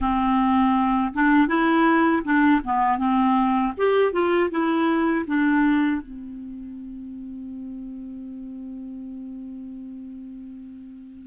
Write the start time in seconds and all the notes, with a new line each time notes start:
0.00 C4
1.13 D4
1.47 E4
2.23 D4
2.64 B3
2.98 C4
3.77 G4
4.12 F4
4.50 E4
5.26 D4
6.01 C4